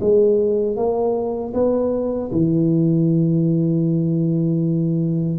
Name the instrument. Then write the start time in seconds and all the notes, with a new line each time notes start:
tuba
0.00 G#3
0.76 A#3
1.53 B3
2.31 E3